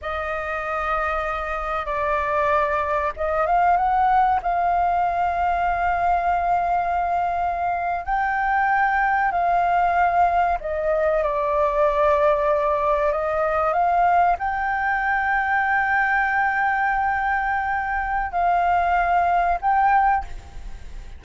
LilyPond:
\new Staff \with { instrumentName = "flute" } { \time 4/4 \tempo 4 = 95 dis''2. d''4~ | d''4 dis''8 f''8 fis''4 f''4~ | f''1~ | f''8. g''2 f''4~ f''16~ |
f''8. dis''4 d''2~ d''16~ | d''8. dis''4 f''4 g''4~ g''16~ | g''1~ | g''4 f''2 g''4 | }